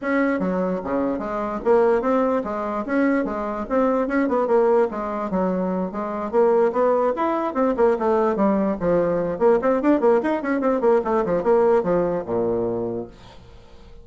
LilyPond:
\new Staff \with { instrumentName = "bassoon" } { \time 4/4 \tempo 4 = 147 cis'4 fis4 cis4 gis4 | ais4 c'4 gis4 cis'4 | gis4 c'4 cis'8 b8 ais4 | gis4 fis4. gis4 ais8~ |
ais8 b4 e'4 c'8 ais8 a8~ | a8 g4 f4. ais8 c'8 | d'8 ais8 dis'8 cis'8 c'8 ais8 a8 f8 | ais4 f4 ais,2 | }